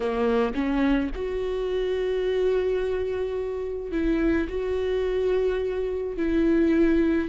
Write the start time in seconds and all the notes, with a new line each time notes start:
0.00 A#3
0.54 C#4
1.14 F#4
3.91 E4
4.49 F#4
6.17 E4